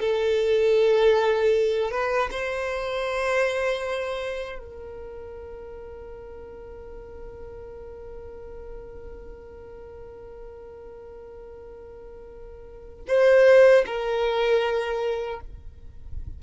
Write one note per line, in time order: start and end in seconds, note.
0.00 1.91 A4
1.91 2.29 B4
2.31 4.58 C5
4.58 13.05 A#4
13.08 13.85 C5
13.86 15.40 A#4